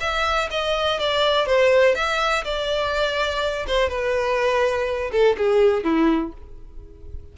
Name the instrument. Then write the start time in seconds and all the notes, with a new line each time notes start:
violin
0.00 E5
0.50 D#5
0.99 D5
1.46 C5
1.95 E5
2.44 D5
3.67 C5
3.89 B4
5.12 A4
5.37 G#4
5.83 E4